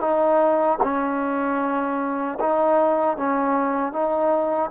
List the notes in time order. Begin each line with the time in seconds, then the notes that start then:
0.00 D#4
0.83 C#4
2.39 D#4
3.17 C#4
3.92 D#4